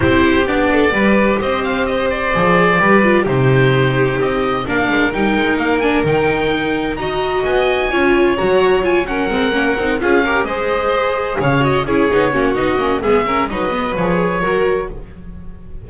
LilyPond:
<<
  \new Staff \with { instrumentName = "oboe" } { \time 4/4 \tempo 4 = 129 c''4 d''2 dis''8 f''8 | dis''8 d''2~ d''8 c''4~ | c''4 dis''4 f''4 g''4 | f''8 gis''8 g''2 ais''4 |
gis''2 ais''4 gis''8 fis''8~ | fis''4. f''4 dis''4.~ | dis''8 f''8 dis''8 cis''4. dis''4 | e''4 dis''4 cis''2 | }
  \new Staff \with { instrumentName = "violin" } { \time 4/4 g'4. a'8 b'4 c''4~ | c''2 b'4 g'4~ | g'2 ais'2~ | ais'2. dis''4~ |
dis''4 cis''2~ cis''8 ais'8~ | ais'4. gis'8 ais'8 c''4.~ | c''8 cis''4 gis'4 fis'4. | gis'8 ais'8 b'2 ais'4 | }
  \new Staff \with { instrumentName = "viola" } { \time 4/4 e'4 d'4 g'2~ | g'4 gis'4 g'8 f'8 dis'4~ | dis'2 d'4 dis'4~ | dis'8 d'8 dis'2 fis'4~ |
fis'4 f'4 fis'4 f'8 cis'8 | c'8 cis'8 dis'8 f'8 g'8 gis'4.~ | gis'4 fis'8 e'8 dis'8 cis'8 dis'8 cis'8 | b8 cis'8 dis'8 b8 gis'4 fis'4 | }
  \new Staff \with { instrumentName = "double bass" } { \time 4/4 c'4 b4 g4 c'4~ | c'4 f4 g4 c4~ | c4 c'4 ais8 gis8 g8 gis8 | ais4 dis2 dis'4 |
b4 cis'4 fis2 | gis8 ais8 c'8 cis'4 gis4.~ | gis8 cis4 cis'8 b8 ais8 b8 ais8 | gis4 fis4 f4 fis4 | }
>>